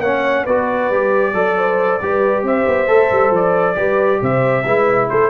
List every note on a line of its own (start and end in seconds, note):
0.00 0.44 A#3
0.00 0.48 C#4
0.00 0.44 C#5
0.00 0.45 F#5
0.44 0.91 B3
0.44 0.93 F#4
0.44 1.32 B4
0.44 2.45 D5
0.91 1.33 G3
0.91 1.34 G4
1.33 2.00 F#3
1.33 2.00 A4
1.33 1.58 D5
1.58 2.02 C5
2.02 2.43 G3
2.02 2.87 G4
2.02 2.45 B4
2.43 2.65 C4
2.43 3.77 C5
2.43 3.35 E5
2.67 2.89 B3
2.87 3.11 A3
2.87 3.75 A4
3.11 3.31 G3
3.31 3.75 F3
3.31 4.24 D5
3.75 4.21 G3
3.75 4.63 G4
3.75 4.22 B4
4.22 4.65 C3
4.22 4.65 C5
4.22 5.09 E5
4.65 5.10 G#3
4.65 5.30 E4
4.65 5.10 B4
5.09 5.30 A3
5.09 5.30 A4
5.09 5.30 C5